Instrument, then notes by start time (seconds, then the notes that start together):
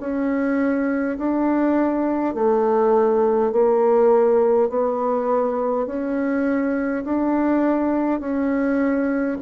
bassoon
0.00 C#4
1.18 D4
2.34 A3
3.52 A#3
4.69 B3
5.86 C#4
7.04 D4
8.20 C#4